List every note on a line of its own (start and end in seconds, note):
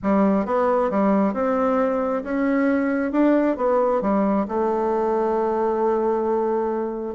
0.02 0.45 G3
0.45 0.90 B3
0.90 1.33 G3
1.33 2.23 C4
2.23 3.12 C#4
3.12 3.56 D4
3.56 4.01 B3
4.01 4.46 G3
4.48 7.15 A3